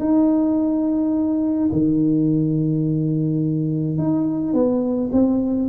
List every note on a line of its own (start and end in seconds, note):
0.00 1.70 D#4
1.73 3.98 D#3
3.98 4.54 D#4
4.54 5.10 B3
5.13 5.69 C4